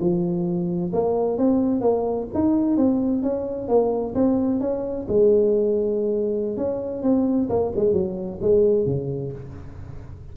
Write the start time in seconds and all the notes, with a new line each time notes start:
0.00 F3
0.93 A#3
1.38 C4
1.81 A#3
2.34 D#4
2.77 C4
3.23 C#4
3.68 A#3
4.15 C4
4.61 C#4
5.09 G#3
6.57 C#4
7.03 C4
7.50 A#3
7.76 G#3
7.93 F#3
8.42 G#3
8.86 C#3